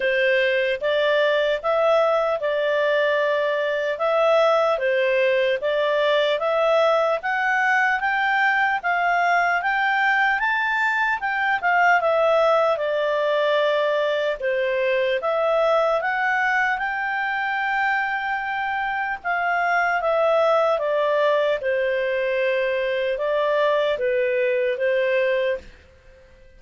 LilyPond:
\new Staff \with { instrumentName = "clarinet" } { \time 4/4 \tempo 4 = 75 c''4 d''4 e''4 d''4~ | d''4 e''4 c''4 d''4 | e''4 fis''4 g''4 f''4 | g''4 a''4 g''8 f''8 e''4 |
d''2 c''4 e''4 | fis''4 g''2. | f''4 e''4 d''4 c''4~ | c''4 d''4 b'4 c''4 | }